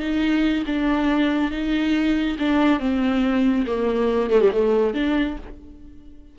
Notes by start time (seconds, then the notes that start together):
0.00 D#4
0.66 D4
1.51 D#4
2.39 D4
2.80 C4
3.67 A#3
4.31 A3
4.41 G3
4.52 A3
4.94 D4